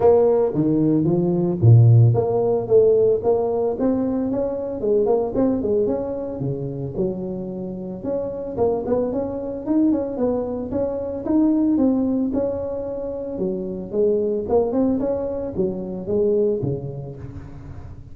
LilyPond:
\new Staff \with { instrumentName = "tuba" } { \time 4/4 \tempo 4 = 112 ais4 dis4 f4 ais,4 | ais4 a4 ais4 c'4 | cis'4 gis8 ais8 c'8 gis8 cis'4 | cis4 fis2 cis'4 |
ais8 b8 cis'4 dis'8 cis'8 b4 | cis'4 dis'4 c'4 cis'4~ | cis'4 fis4 gis4 ais8 c'8 | cis'4 fis4 gis4 cis4 | }